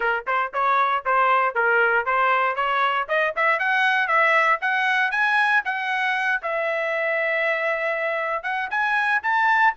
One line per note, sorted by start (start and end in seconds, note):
0.00 0.24 A#4
0.27 0.52 C5
0.53 1.04 C#5
1.05 1.54 C5
1.54 2.05 A#4
2.05 2.55 C5
2.55 3.07 C#5
3.08 3.34 D#5
3.36 3.59 E5
3.59 4.07 F#5
4.07 4.59 E5
4.61 5.11 F#5
5.11 5.62 G#5
5.64 6.41 F#5
6.42 8.43 E5
8.43 8.68 F#5
8.70 9.21 G#5
9.22 9.74 A5